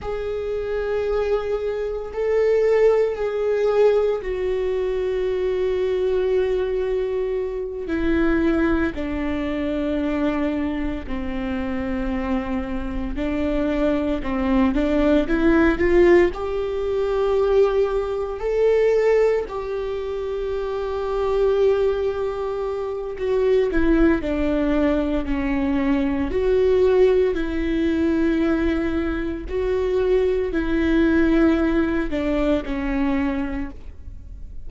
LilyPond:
\new Staff \with { instrumentName = "viola" } { \time 4/4 \tempo 4 = 57 gis'2 a'4 gis'4 | fis'2.~ fis'8 e'8~ | e'8 d'2 c'4.~ | c'8 d'4 c'8 d'8 e'8 f'8 g'8~ |
g'4. a'4 g'4.~ | g'2 fis'8 e'8 d'4 | cis'4 fis'4 e'2 | fis'4 e'4. d'8 cis'4 | }